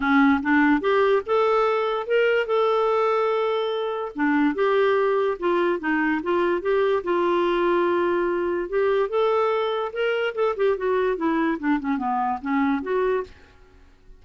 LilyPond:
\new Staff \with { instrumentName = "clarinet" } { \time 4/4 \tempo 4 = 145 cis'4 d'4 g'4 a'4~ | a'4 ais'4 a'2~ | a'2 d'4 g'4~ | g'4 f'4 dis'4 f'4 |
g'4 f'2.~ | f'4 g'4 a'2 | ais'4 a'8 g'8 fis'4 e'4 | d'8 cis'8 b4 cis'4 fis'4 | }